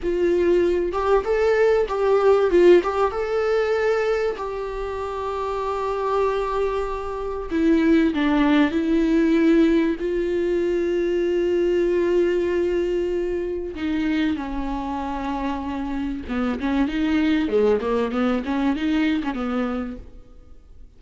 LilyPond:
\new Staff \with { instrumentName = "viola" } { \time 4/4 \tempo 4 = 96 f'4. g'8 a'4 g'4 | f'8 g'8 a'2 g'4~ | g'1 | e'4 d'4 e'2 |
f'1~ | f'2 dis'4 cis'4~ | cis'2 b8 cis'8 dis'4 | gis8 ais8 b8 cis'8 dis'8. cis'16 b4 | }